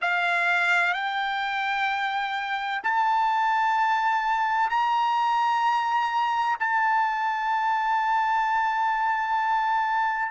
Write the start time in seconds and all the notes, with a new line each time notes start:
0.01 F5
0.93 G5
2.83 A5
4.69 A#5
6.59 A5